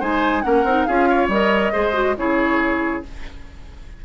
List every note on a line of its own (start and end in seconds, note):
0.00 0.44 G#3
0.00 0.43 D#4
0.00 0.43 C5
0.00 0.43 G#5
0.43 0.64 A#3
0.43 0.65 C#4
0.43 0.87 A#4
0.43 0.85 F#5
0.64 0.86 C4
0.64 0.89 D#4
0.85 1.29 C#4
0.85 1.31 F4
0.85 1.09 G#4
0.85 1.28 F5
1.10 1.73 C#5
1.29 1.71 G3
1.29 1.73 A#4
1.29 2.17 D#5
1.73 2.18 G#3
1.73 1.94 G#4
1.73 2.16 C5
1.94 2.15 F#4
2.17 3.04 C#3
2.17 3.03 E4
2.17 3.05 G#4
2.17 3.03 C#5